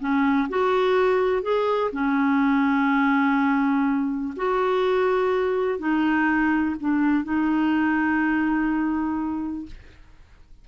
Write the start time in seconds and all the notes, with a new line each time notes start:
0.00 C#4
0.49 F#4
1.42 G#4
1.92 C#4
4.36 F#4
5.78 D#4
6.80 D4
7.24 D#4